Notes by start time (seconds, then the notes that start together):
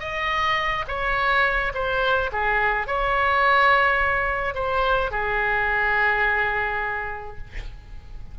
0.00 D#5
0.88 C#5
1.74 C5
2.32 G#4
2.87 C#5
4.55 C5
5.11 G#4